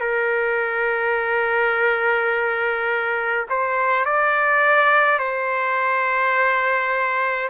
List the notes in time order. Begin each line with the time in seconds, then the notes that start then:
0.00 A#4
3.49 C5
4.05 D5
5.19 C5